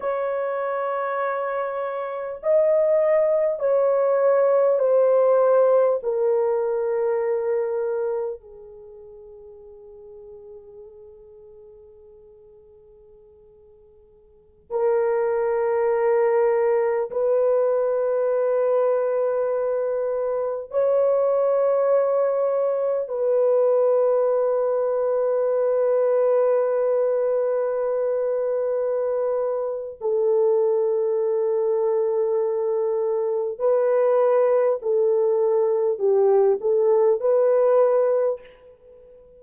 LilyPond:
\new Staff \with { instrumentName = "horn" } { \time 4/4 \tempo 4 = 50 cis''2 dis''4 cis''4 | c''4 ais'2 gis'4~ | gis'1~ | gis'16 ais'2 b'4.~ b'16~ |
b'4~ b'16 cis''2 b'8.~ | b'1~ | b'4 a'2. | b'4 a'4 g'8 a'8 b'4 | }